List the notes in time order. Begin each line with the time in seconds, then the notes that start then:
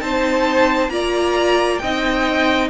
0.00 C4 D#4 C5 A5
0.90 A#3 F4 D5 A#5
1.79 C4 D#4 D#5 G5